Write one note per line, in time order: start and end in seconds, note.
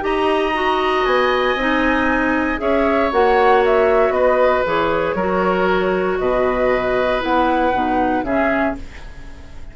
0.00 1.05 D#4
0.00 0.51 G4
0.00 2.61 D#5
0.00 1.05 A#5
0.54 1.56 F#4
1.05 1.55 B3
1.05 2.59 G#5
1.55 2.58 C4
1.55 2.57 D#4
2.57 3.11 C#4
2.57 3.09 G#4
2.57 4.14 C#5
2.57 3.10 E5
3.12 4.10 A#3
3.12 4.65 F#4
3.12 3.63 F#5
3.65 4.12 E5
4.10 4.61 B3
4.10 5.15 B4
4.10 4.63 D#5
4.65 5.14 E3
4.65 5.16 G#4
4.65 6.19 C#5
5.14 6.17 F#3
5.14 7.20 F#4
5.14 6.18 A#4
6.19 7.22 B2
6.19 8.24 B4
6.19 7.21 D#5
7.20 7.73 B3
7.20 7.71 E4
7.20 8.24 F#5
7.73 8.22 B2
7.73 8.24 D#4
8.22 8.73 C#3
8.22 8.75 C#4
8.22 8.76 G#4
8.22 8.75 E5